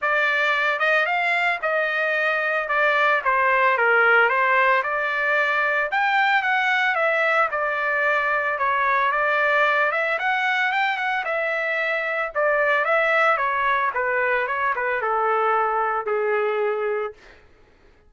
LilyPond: \new Staff \with { instrumentName = "trumpet" } { \time 4/4 \tempo 4 = 112 d''4. dis''8 f''4 dis''4~ | dis''4 d''4 c''4 ais'4 | c''4 d''2 g''4 | fis''4 e''4 d''2 |
cis''4 d''4. e''8 fis''4 | g''8 fis''8 e''2 d''4 | e''4 cis''4 b'4 cis''8 b'8 | a'2 gis'2 | }